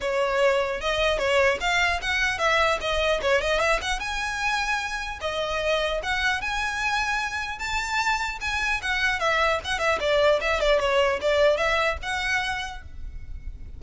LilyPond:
\new Staff \with { instrumentName = "violin" } { \time 4/4 \tempo 4 = 150 cis''2 dis''4 cis''4 | f''4 fis''4 e''4 dis''4 | cis''8 dis''8 e''8 fis''8 gis''2~ | gis''4 dis''2 fis''4 |
gis''2. a''4~ | a''4 gis''4 fis''4 e''4 | fis''8 e''8 d''4 e''8 d''8 cis''4 | d''4 e''4 fis''2 | }